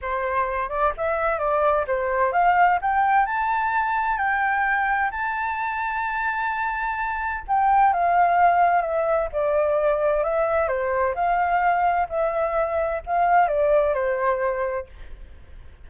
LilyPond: \new Staff \with { instrumentName = "flute" } { \time 4/4 \tempo 4 = 129 c''4. d''8 e''4 d''4 | c''4 f''4 g''4 a''4~ | a''4 g''2 a''4~ | a''1 |
g''4 f''2 e''4 | d''2 e''4 c''4 | f''2 e''2 | f''4 d''4 c''2 | }